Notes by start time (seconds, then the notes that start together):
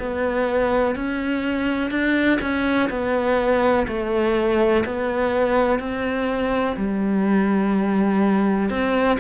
0.00 B3
0.96 C#4
1.91 D4
2.42 C#4
2.90 B3
3.88 A3
4.86 B3
5.80 C4
6.77 G3
8.70 C4